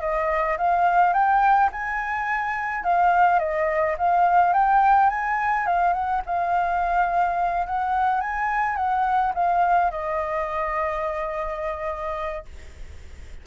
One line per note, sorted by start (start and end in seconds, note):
0.00 0.57 D#5
0.57 1.13 F5
1.13 1.69 G5
1.72 2.83 G#5
2.83 3.39 F5
3.39 3.95 D#5
3.98 4.53 F5
4.53 5.09 G5
5.09 5.66 G#5
5.66 5.93 F5
5.93 6.21 F#5
6.25 7.66 F5
7.66 8.20 F#5
8.20 8.76 G#5
8.76 9.32 F#5
9.34 9.90 F5
9.90 12.45 D#5